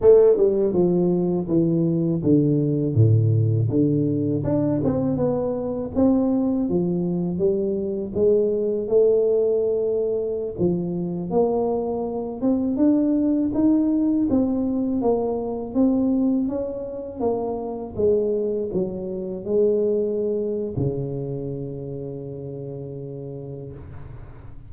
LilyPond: \new Staff \with { instrumentName = "tuba" } { \time 4/4 \tempo 4 = 81 a8 g8 f4 e4 d4 | a,4 d4 d'8 c'8 b4 | c'4 f4 g4 gis4 | a2~ a16 f4 ais8.~ |
ais8. c'8 d'4 dis'4 c'8.~ | c'16 ais4 c'4 cis'4 ais8.~ | ais16 gis4 fis4 gis4.~ gis16 | cis1 | }